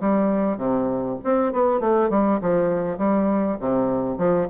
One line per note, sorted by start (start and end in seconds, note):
0.00 0.58 G3
0.58 1.18 C3
1.24 1.52 C4
1.52 1.80 B3
1.80 2.10 A3
2.10 2.40 G3
2.41 2.98 F3
2.98 3.58 G3
3.60 4.18 C3
4.18 4.48 F3